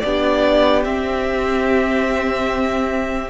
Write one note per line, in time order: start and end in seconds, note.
0.00 0.85 B3
0.00 0.84 D4
0.00 3.30 G4
0.00 0.82 D5
0.84 3.30 C4
0.84 3.30 E5